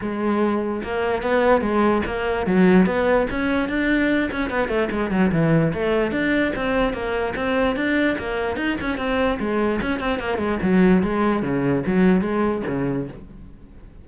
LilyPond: \new Staff \with { instrumentName = "cello" } { \time 4/4 \tempo 4 = 147 gis2 ais4 b4 | gis4 ais4 fis4 b4 | cis'4 d'4. cis'8 b8 a8 | gis8 fis8 e4 a4 d'4 |
c'4 ais4 c'4 d'4 | ais4 dis'8 cis'8 c'4 gis4 | cis'8 c'8 ais8 gis8 fis4 gis4 | cis4 fis4 gis4 cis4 | }